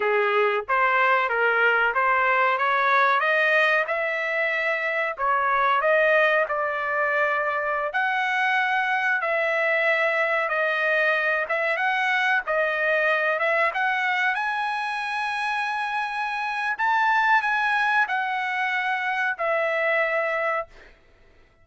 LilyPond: \new Staff \with { instrumentName = "trumpet" } { \time 4/4 \tempo 4 = 93 gis'4 c''4 ais'4 c''4 | cis''4 dis''4 e''2 | cis''4 dis''4 d''2~ | d''16 fis''2 e''4.~ e''16~ |
e''16 dis''4. e''8 fis''4 dis''8.~ | dis''8. e''8 fis''4 gis''4.~ gis''16~ | gis''2 a''4 gis''4 | fis''2 e''2 | }